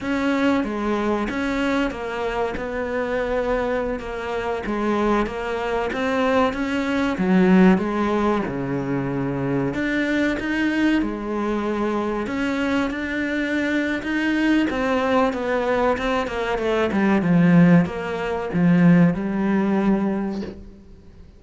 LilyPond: \new Staff \with { instrumentName = "cello" } { \time 4/4 \tempo 4 = 94 cis'4 gis4 cis'4 ais4 | b2~ b16 ais4 gis8.~ | gis16 ais4 c'4 cis'4 fis8.~ | fis16 gis4 cis2 d'8.~ |
d'16 dis'4 gis2 cis'8.~ | cis'16 d'4.~ d'16 dis'4 c'4 | b4 c'8 ais8 a8 g8 f4 | ais4 f4 g2 | }